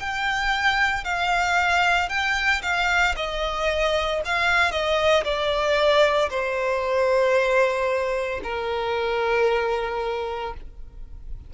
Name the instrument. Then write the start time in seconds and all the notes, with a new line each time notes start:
violin
0.00 G5
1.04 F5
2.10 G5
2.63 F5
3.16 D#5
4.25 F5
4.72 D#5
5.24 D5
6.30 C5
8.44 A#4